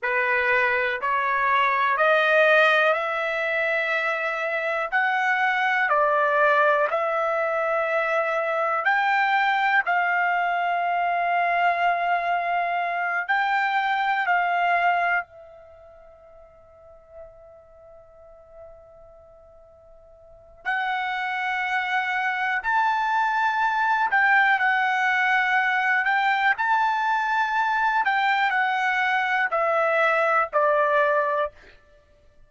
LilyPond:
\new Staff \with { instrumentName = "trumpet" } { \time 4/4 \tempo 4 = 61 b'4 cis''4 dis''4 e''4~ | e''4 fis''4 d''4 e''4~ | e''4 g''4 f''2~ | f''4. g''4 f''4 e''8~ |
e''1~ | e''4 fis''2 a''4~ | a''8 g''8 fis''4. g''8 a''4~ | a''8 g''8 fis''4 e''4 d''4 | }